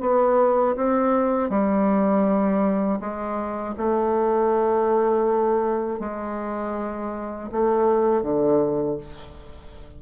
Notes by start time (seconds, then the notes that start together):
0.00 B3
0.76 C4
1.49 G3
3.00 G#3
3.77 A3
5.99 G#3
7.51 A3
8.22 D3